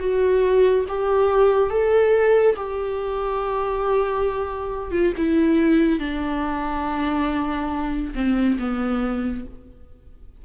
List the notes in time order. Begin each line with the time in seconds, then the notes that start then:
0.00 F#4
0.89 G4
1.70 A4
2.56 G4
4.92 F4
5.17 E4
6.00 D4
8.15 C4
8.59 B3